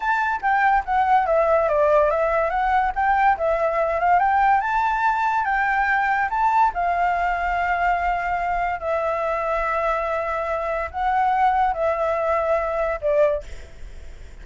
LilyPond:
\new Staff \with { instrumentName = "flute" } { \time 4/4 \tempo 4 = 143 a''4 g''4 fis''4 e''4 | d''4 e''4 fis''4 g''4 | e''4. f''8 g''4 a''4~ | a''4 g''2 a''4 |
f''1~ | f''4 e''2.~ | e''2 fis''2 | e''2. d''4 | }